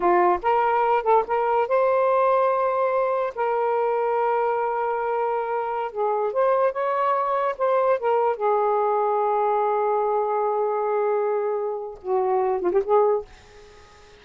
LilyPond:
\new Staff \with { instrumentName = "saxophone" } { \time 4/4 \tempo 4 = 145 f'4 ais'4. a'8 ais'4 | c''1 | ais'1~ | ais'2~ ais'16 gis'4 c''8.~ |
c''16 cis''2 c''4 ais'8.~ | ais'16 gis'2.~ gis'8.~ | gis'1~ | gis'4 fis'4. f'16 g'16 gis'4 | }